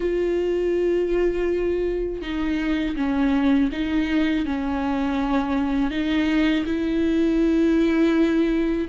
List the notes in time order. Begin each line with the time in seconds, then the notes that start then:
0.00 F4
2.21 D#4
2.96 C#4
3.72 D#4
4.45 C#4
5.90 D#4
6.65 E4